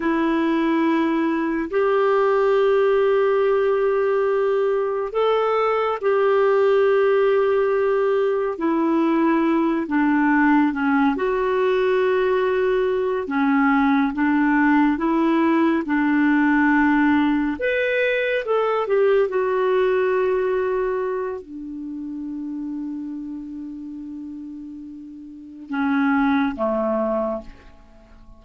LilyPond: \new Staff \with { instrumentName = "clarinet" } { \time 4/4 \tempo 4 = 70 e'2 g'2~ | g'2 a'4 g'4~ | g'2 e'4. d'8~ | d'8 cis'8 fis'2~ fis'8 cis'8~ |
cis'8 d'4 e'4 d'4.~ | d'8 b'4 a'8 g'8 fis'4.~ | fis'4 d'2.~ | d'2 cis'4 a4 | }